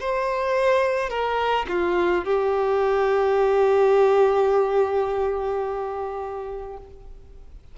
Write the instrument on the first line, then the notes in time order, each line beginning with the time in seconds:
violin
0.00 C5
1.10 A#4
1.68 F4
2.25 G4